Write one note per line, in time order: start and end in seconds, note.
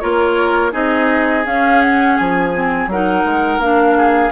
0.00 0.73 A#3
0.00 0.72 F4
0.00 0.73 A#4
0.00 0.72 C#5
0.72 1.45 C4
0.72 1.44 D#4
0.72 2.89 G#4
0.72 1.46 D#5
1.45 2.53 C#4
1.45 2.18 C#4
1.45 1.82 F5
1.82 2.18 F#5
2.18 2.87 F3
2.18 2.90 G#5
2.54 2.90 C4
2.87 3.23 F#3
2.87 3.62 D#4
2.87 3.97 A#4
2.87 3.61 F#5
3.25 3.58 G#3
3.58 4.30 A#3
3.58 4.32 D4
3.58 4.32 F5
3.97 4.32 G#4